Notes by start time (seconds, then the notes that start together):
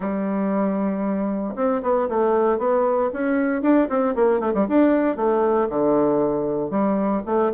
0.00 G3
1.55 C4
1.82 B3
2.08 A3
2.58 B3
3.13 C#4
3.62 D4
3.89 C4
4.15 A#3
4.40 A3
4.54 G3
4.68 D4
5.16 A3
5.69 D3
6.70 G3
7.26 A3